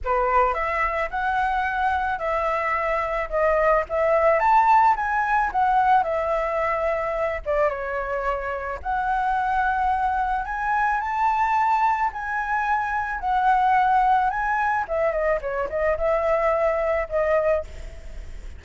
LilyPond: \new Staff \with { instrumentName = "flute" } { \time 4/4 \tempo 4 = 109 b'4 e''4 fis''2 | e''2 dis''4 e''4 | a''4 gis''4 fis''4 e''4~ | e''4. d''8 cis''2 |
fis''2. gis''4 | a''2 gis''2 | fis''2 gis''4 e''8 dis''8 | cis''8 dis''8 e''2 dis''4 | }